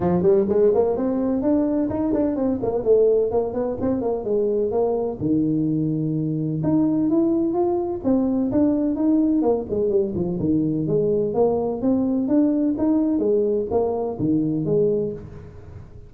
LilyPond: \new Staff \with { instrumentName = "tuba" } { \time 4/4 \tempo 4 = 127 f8 g8 gis8 ais8 c'4 d'4 | dis'8 d'8 c'8 ais8 a4 ais8 b8 | c'8 ais8 gis4 ais4 dis4~ | dis2 dis'4 e'4 |
f'4 c'4 d'4 dis'4 | ais8 gis8 g8 f8 dis4 gis4 | ais4 c'4 d'4 dis'4 | gis4 ais4 dis4 gis4 | }